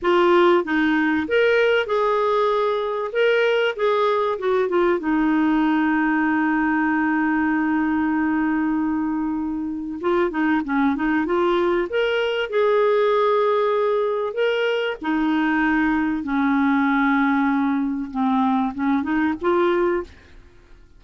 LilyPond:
\new Staff \with { instrumentName = "clarinet" } { \time 4/4 \tempo 4 = 96 f'4 dis'4 ais'4 gis'4~ | gis'4 ais'4 gis'4 fis'8 f'8 | dis'1~ | dis'1 |
f'8 dis'8 cis'8 dis'8 f'4 ais'4 | gis'2. ais'4 | dis'2 cis'2~ | cis'4 c'4 cis'8 dis'8 f'4 | }